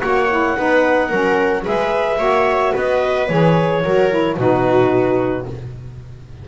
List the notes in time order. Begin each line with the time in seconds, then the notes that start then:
0.00 A#3 F#4 C#5 F#5
0.30 E4
0.57 B3 D#4 B4
1.09 F#3 C#4 A#4
1.63 G#3 G#4 B4 E5
2.18 A#3 F#4 C#5
2.73 B3 B4 D#5
3.28 E3 G#4 C#5
3.84 F#3 F#4 A#4
4.11 E4
4.37 B2 D#4 F#4 B4